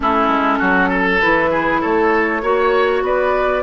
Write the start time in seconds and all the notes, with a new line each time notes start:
0.00 A3 C#4 E4 A4
0.28 G#3
0.58 F#3 F#4
0.89 A4
1.20 E3 E4 B4
1.51 G#4
1.80 A3 A4 C#5
2.42 A#3 F#4 C#5
3.02 B3 B4 D5